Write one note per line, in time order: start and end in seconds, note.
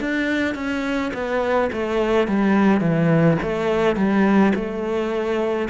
0.00 0.55 D4
0.55 1.11 C#4
1.13 1.70 B3
1.72 2.27 A3
2.27 2.81 G3
2.81 3.38 E3
3.42 3.96 A3
3.96 4.52 G3
4.55 5.68 A3